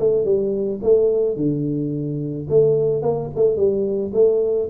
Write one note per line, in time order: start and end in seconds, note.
0.00 0.25 A3
0.25 0.81 G3
0.83 1.37 A3
1.37 2.48 D3
2.50 3.03 A3
3.03 3.31 A#3
3.36 3.57 A3
3.57 4.12 G3
4.14 4.69 A3